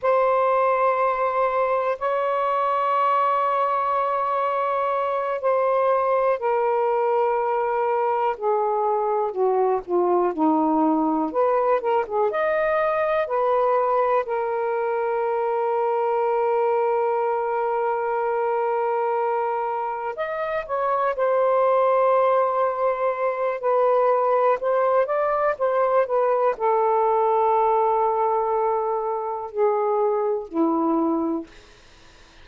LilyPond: \new Staff \with { instrumentName = "saxophone" } { \time 4/4 \tempo 4 = 61 c''2 cis''2~ | cis''4. c''4 ais'4.~ | ais'8 gis'4 fis'8 f'8 dis'4 b'8 | ais'16 gis'16 dis''4 b'4 ais'4.~ |
ais'1~ | ais'8 dis''8 cis''8 c''2~ c''8 | b'4 c''8 d''8 c''8 b'8 a'4~ | a'2 gis'4 e'4 | }